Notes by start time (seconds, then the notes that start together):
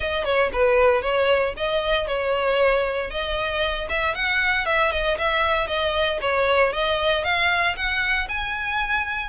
0.00 D#5
0.24 C#5
0.53 B4
1.02 C#5
1.56 D#5
2.07 C#5
3.10 D#5
3.89 E5
4.14 F#5
4.65 E5
4.91 D#5
5.18 E5
5.67 D#5
6.21 C#5
6.72 D#5
7.24 F5
7.76 F#5
8.28 G#5